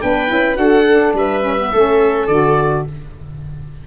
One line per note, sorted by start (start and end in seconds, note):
0.00 0.31 B3
0.00 0.28 D4
0.00 0.59 B4
0.00 0.57 G5
0.28 0.58 C#4
0.28 0.55 E4
0.55 1.14 D4
0.55 0.83 F#4
0.55 1.16 A4
0.55 1.13 F#5
0.90 1.42 D4
1.14 1.70 G3
1.14 1.72 B4
1.14 2.27 E5
1.42 1.56 C#4
1.58 1.73 B3
1.72 2.28 A3
1.72 2.30 C#4
1.72 2.85 A4
2.27 2.85 D3
2.27 2.87 F#4
2.27 2.83 D5